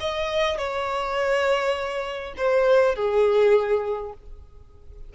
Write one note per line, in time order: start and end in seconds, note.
0.00 0.57 D#5
0.57 2.34 C#5
2.37 2.95 C5
2.95 4.13 G#4